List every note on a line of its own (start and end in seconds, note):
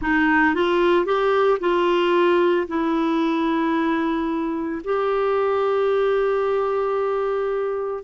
0.01 0.54 D#4
0.54 1.05 F4
1.05 1.59 G4
1.60 2.67 F4
2.67 4.81 E4
4.84 8.03 G4